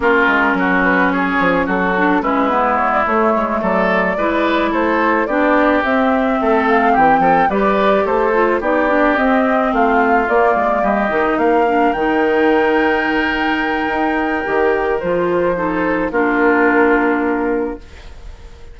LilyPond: <<
  \new Staff \with { instrumentName = "flute" } { \time 4/4 \tempo 4 = 108 ais'4. b'8 cis''4 a'4 | b'4 cis''16 d''16 cis''4 d''4.~ | d''8 c''4 d''4 e''4. | f''8 g''4 d''4 c''4 d''8~ |
d''8 dis''4 f''4 d''4 dis''8~ | dis''8 f''4 g''2~ g''8~ | g''2. c''4~ | c''4 ais'2. | }
  \new Staff \with { instrumentName = "oboe" } { \time 4/4 f'4 fis'4 gis'4 fis'4 | e'2~ e'8 a'4 b'8~ | b'8 a'4 g'2 a'8~ | a'8 g'8 a'8 b'4 a'4 g'8~ |
g'4. f'2 g'8~ | g'8 ais'2.~ ais'8~ | ais'1 | a'4 f'2. | }
  \new Staff \with { instrumentName = "clarinet" } { \time 4/4 cis'2.~ cis'8 d'8 | cis'8 b4 a2 e'8~ | e'4. d'4 c'4.~ | c'4. g'4. f'8 dis'8 |
d'8 c'2 ais4. | dis'4 d'8 dis'2~ dis'8~ | dis'2 g'4 f'4 | dis'4 d'2. | }
  \new Staff \with { instrumentName = "bassoon" } { \time 4/4 ais8 gis8 fis4. f8 fis4 | gis4. a8 gis8 fis4 gis8~ | gis8 a4 b4 c'4 a8~ | a8 e8 f8 g4 a4 b8~ |
b8 c'4 a4 ais8 gis8 g8 | dis8 ais4 dis2~ dis8~ | dis4 dis'4 dis4 f4~ | f4 ais2. | }
>>